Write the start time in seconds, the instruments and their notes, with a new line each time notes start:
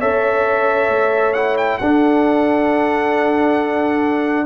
0.00 tuba C#4, trombone A4, horn C#5, trumpet E5
0.89 tuba A3
1.33 trombone E4, trumpet F#5
1.57 trumpet G5
1.78 tuba D4, trombone D4, horn A4, trumpet F#5